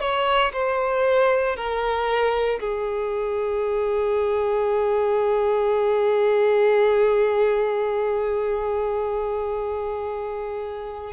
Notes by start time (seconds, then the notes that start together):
0.00 C#5
0.53 C5
1.56 A#4
2.60 G#4